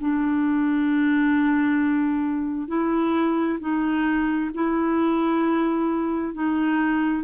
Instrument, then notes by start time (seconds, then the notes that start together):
clarinet
0.00 D4
2.68 E4
3.60 D#4
4.54 E4
6.34 D#4